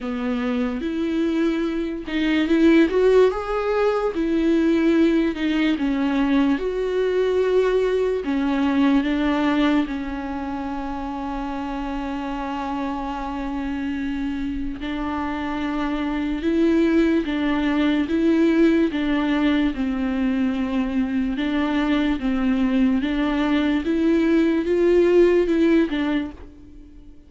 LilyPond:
\new Staff \with { instrumentName = "viola" } { \time 4/4 \tempo 4 = 73 b4 e'4. dis'8 e'8 fis'8 | gis'4 e'4. dis'8 cis'4 | fis'2 cis'4 d'4 | cis'1~ |
cis'2 d'2 | e'4 d'4 e'4 d'4 | c'2 d'4 c'4 | d'4 e'4 f'4 e'8 d'8 | }